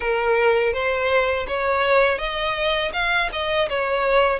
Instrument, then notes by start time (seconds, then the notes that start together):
violin
0.00 A#4
0.73 C5
1.47 C#5
2.18 D#5
2.93 F5
3.32 D#5
3.69 C#5